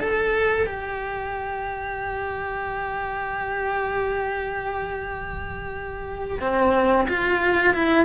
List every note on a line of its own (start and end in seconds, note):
0.00 0.66 A4
0.66 6.39 G4
6.40 7.07 C4
7.08 7.73 F4
7.73 8.05 E4